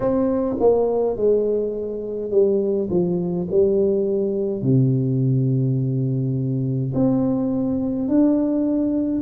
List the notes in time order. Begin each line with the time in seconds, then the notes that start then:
0.00 C4
0.59 A#3
1.16 G#3
2.31 G3
2.90 F3
3.50 G3
4.62 C3
6.93 C4
8.08 D4